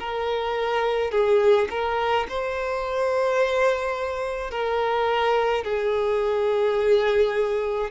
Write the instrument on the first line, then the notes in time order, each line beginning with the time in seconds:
violin
0.00 A#4
1.12 G#4
1.70 A#4
2.29 C5
4.51 A#4
5.64 G#4